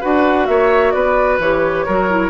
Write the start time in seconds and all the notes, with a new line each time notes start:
0.00 D4 F#4 B4 F#5
0.45 A#3 C#5 E5
0.91 B3 B4 D5
1.39 E3 G4 C#5
1.85 F#3 F#4 A#4
2.10 E4